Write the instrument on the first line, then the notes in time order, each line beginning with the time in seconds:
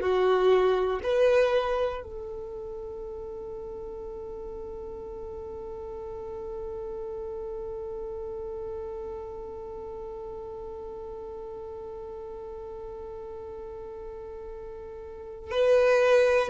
violin
0.00 F#4
1.03 B4
2.03 A4
15.51 B4